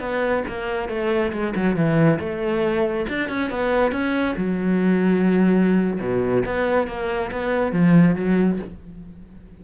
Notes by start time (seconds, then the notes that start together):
0.00 B3
0.48 A#3
0.89 A3
1.32 G#3
1.56 F#3
1.76 E3
2.19 A3
3.09 D4
3.29 C#4
3.50 B3
3.92 C#4
4.37 F#3
6.00 B2
6.45 B3
6.88 A#3
7.32 B3
7.72 F3
8.16 F#3